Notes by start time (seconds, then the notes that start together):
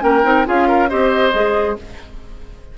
0.00 A#3 C#4 A#4 G5
0.24 C4 D#4
0.46 C#4 F4 G#4 F5
0.68 A#4
0.90 C4 G4 C5 D#5
1.33 G#3 G#4